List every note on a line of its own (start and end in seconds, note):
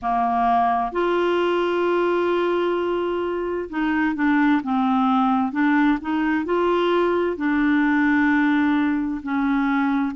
0.02 0.92 A#3
0.92 3.69 F4
3.69 4.15 D#4
4.15 4.61 D4
4.63 5.52 C4
5.52 5.98 D4
6.01 6.44 D#4
6.44 7.36 F4
7.36 9.21 D4
9.22 10.15 C#4